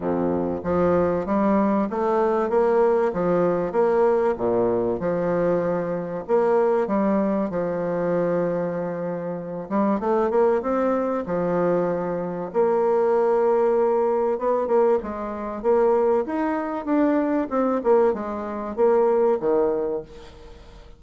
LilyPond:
\new Staff \with { instrumentName = "bassoon" } { \time 4/4 \tempo 4 = 96 f,4 f4 g4 a4 | ais4 f4 ais4 ais,4 | f2 ais4 g4 | f2.~ f8 g8 |
a8 ais8 c'4 f2 | ais2. b8 ais8 | gis4 ais4 dis'4 d'4 | c'8 ais8 gis4 ais4 dis4 | }